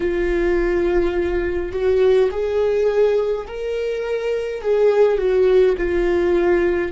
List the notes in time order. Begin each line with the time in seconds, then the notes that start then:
0.00 F4
1.72 F#4
2.31 G#4
3.47 A#4
4.62 G#4
5.18 F#4
5.77 F4